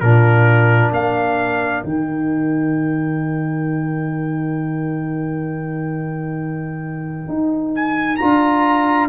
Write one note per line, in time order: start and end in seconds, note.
0.00 0.91 A#2
0.00 1.84 D4
0.00 0.94 F4
0.00 0.91 A#4
0.91 1.82 A#3
0.91 9.08 A#4
0.91 1.83 F5
1.83 7.28 D#3
1.83 8.19 D#4
1.83 7.73 G5
7.28 8.19 D#4
7.75 8.16 G#5
8.16 9.08 D4
8.16 9.08 F4
8.16 9.07 A#5